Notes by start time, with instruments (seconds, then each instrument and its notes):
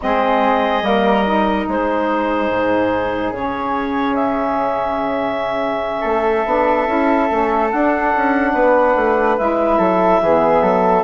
0.01 bassoon G#3, saxophone C4, flute G#4, clarinet D#5
0.81 bassoon G3, saxophone A#3, flute A#4
1.25 saxophone D#4
1.68 bassoon G#3, flute G#4, clarinet C5
2.49 bassoon G#2
3.31 bassoon C#3, saxophone C#4, clarinet C#5
4.14 clarinet E5
6.00 bassoon A3, flute A4
6.45 bassoon B3, saxophone D4
6.86 bassoon C#4, saxophone E4
7.29 bassoon A3, saxophone C#4
7.70 bassoon D4, saxophone D4, clarinet F#5
8.15 bassoon C#4
8.53 bassoon B3, flute B4
8.95 bassoon A3
9.37 bassoon G#3, saxophone E4, clarinet E5
9.78 bassoon F#3, flute A4
10.21 bassoon E3, saxophone B3, flute G#4
10.61 bassoon F#3, flute A4